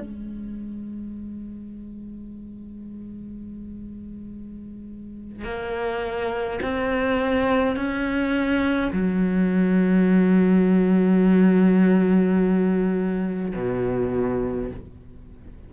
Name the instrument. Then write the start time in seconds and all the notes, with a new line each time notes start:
cello
0.00 G#3
5.44 A#3
6.62 C4
7.76 C#4
8.93 F#3
13.56 B2